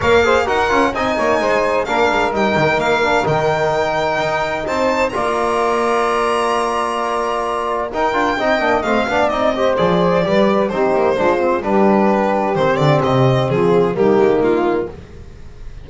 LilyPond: <<
  \new Staff \with { instrumentName = "violin" } { \time 4/4 \tempo 4 = 129 f''4 fis''4 gis''2 | f''4 g''4 f''4 g''4~ | g''2 a''4 ais''4~ | ais''1~ |
ais''4 g''2 f''4 | dis''4 d''2 c''4~ | c''4 b'2 c''8 d''8 | dis''4 gis'4 g'4 f'4 | }
  \new Staff \with { instrumentName = "saxophone" } { \time 4/4 cis''8 c''8 ais'4 dis''8 cis''8 c''4 | ais'1~ | ais'2 c''4 d''4~ | d''1~ |
d''4 ais'4 dis''4. d''8~ | d''8 c''4. b'4 g'4 | f'4 g'2.~ | g'4 f'4 dis'2 | }
  \new Staff \with { instrumentName = "trombone" } { \time 4/4 ais'8 gis'8 fis'8 f'8 dis'2 | d'4 dis'4. d'8 dis'4~ | dis'2. f'4~ | f'1~ |
f'4 dis'8 f'8 dis'8 d'8 c'8 d'8 | dis'8 g'8 gis'4 g'4 dis'4 | d'8 c'8 d'2 c'4~ | c'2 ais2 | }
  \new Staff \with { instrumentName = "double bass" } { \time 4/4 ais4 dis'8 cis'8 c'8 ais8 gis4 | ais8 gis8 g8 dis8 ais4 dis4~ | dis4 dis'4 c'4 ais4~ | ais1~ |
ais4 dis'8 d'8 c'8 ais8 a8 b8 | c'4 f4 g4 c'8 ais8 | gis4 g2 dis8 d8 | c4 f4 g8 gis8 ais4 | }
>>